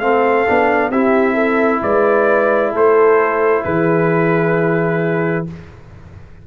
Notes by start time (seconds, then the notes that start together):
0.00 A3 C4 A4 F5
0.47 B3 D4
0.90 C4 E4 G4 E5
1.34 A4
1.83 G#3 B4 D5
2.72 A3 A4 C5
3.64 E3 G#4 B4